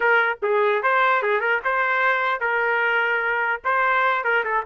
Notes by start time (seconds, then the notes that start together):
0.00 A#4
0.42 G#4
0.82 C5
1.22 G#4
1.40 A#4
1.64 C5
2.40 A#4
3.64 C5
4.24 A#4
4.44 A4